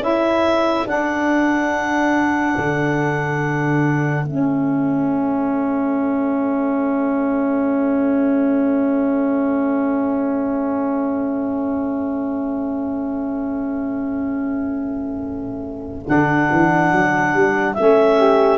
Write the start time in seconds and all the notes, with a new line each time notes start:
0.00 C#4 E4 A4 E5
0.87 D4 F#5
2.57 D3
4.24 A3 C#4 E5
16.06 D3 D4 F#5
16.52 E3
16.92 F#3
17.34 G3
17.74 A3 C#4 E5
18.18 G4